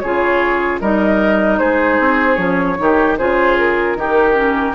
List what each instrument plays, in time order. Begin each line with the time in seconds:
0.00 bassoon C#3, clarinet F4, oboe G#4, flute C#5
0.81 bassoon G3, clarinet D#4, oboe A#4, flute D#5
1.59 bassoon G#3, oboe G#4, flute C5
2.00 bassoon C4
2.35 bassoon F3, clarinet C#4, flute C#5
2.78 bassoon D#3, clarinet D#4, oboe G4
3.18 bassoon C#3, clarinet F4, oboe G#4, flute C5
3.58 flute A#4
3.95 bassoon D#3, clarinet D#4, oboe G4
4.35 clarinet C#4